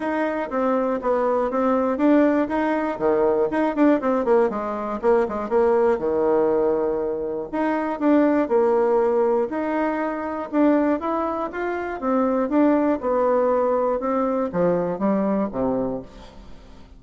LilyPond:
\new Staff \with { instrumentName = "bassoon" } { \time 4/4 \tempo 4 = 120 dis'4 c'4 b4 c'4 | d'4 dis'4 dis4 dis'8 d'8 | c'8 ais8 gis4 ais8 gis8 ais4 | dis2. dis'4 |
d'4 ais2 dis'4~ | dis'4 d'4 e'4 f'4 | c'4 d'4 b2 | c'4 f4 g4 c4 | }